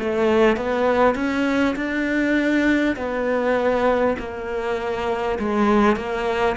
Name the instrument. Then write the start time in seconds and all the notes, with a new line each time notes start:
cello
0.00 A3
0.57 B3
1.16 C#4
1.76 D4
2.97 B3
4.19 A#3
5.39 G#3
5.97 A#3